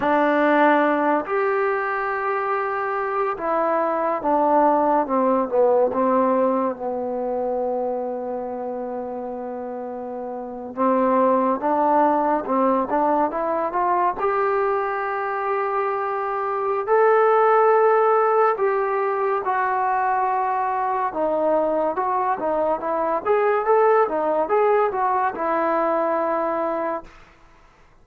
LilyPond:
\new Staff \with { instrumentName = "trombone" } { \time 4/4 \tempo 4 = 71 d'4. g'2~ g'8 | e'4 d'4 c'8 b8 c'4 | b1~ | b8. c'4 d'4 c'8 d'8 e'16~ |
e'16 f'8 g'2.~ g'16 | a'2 g'4 fis'4~ | fis'4 dis'4 fis'8 dis'8 e'8 gis'8 | a'8 dis'8 gis'8 fis'8 e'2 | }